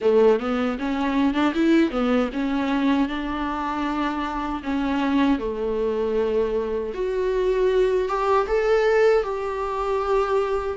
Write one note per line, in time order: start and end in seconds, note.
0.01 0.39 A3
0.39 0.78 B3
0.79 1.34 C#4
1.34 1.53 D4
1.54 1.91 E4
1.91 2.29 B3
2.33 3.08 C#4
3.08 4.62 D4
4.63 5.38 C#4
5.38 6.92 A3
6.94 8.08 F#4
8.08 8.47 G4
8.47 9.23 A4
9.23 10.77 G4